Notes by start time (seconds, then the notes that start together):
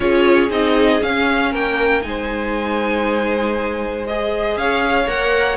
0.00 C#4 F4 G#4 C#5
0.50 C4 D#4 D#5
1.00 C#4 F5
1.50 A#3 A#4 G5
2.01 G#3 D#4 C5 G#5
4.07 G#4 D#5
4.56 C#4 C#5 F5
5.06 A#3 A#4 F#5